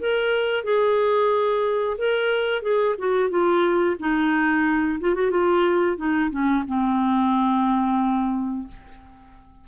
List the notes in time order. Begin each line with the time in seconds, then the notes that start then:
0.00 A#4
0.64 G#4
1.98 A#4
2.62 G#4
2.98 F#4
3.30 F4
3.99 D#4
5.00 F4
5.15 F#4
5.31 F4
5.97 D#4
6.31 C#4
6.68 C4